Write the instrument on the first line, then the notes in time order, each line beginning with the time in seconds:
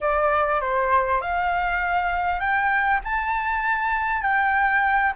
flute
0.00 D5
0.60 C5
1.21 F5
2.39 G5
3.04 A5
4.22 G5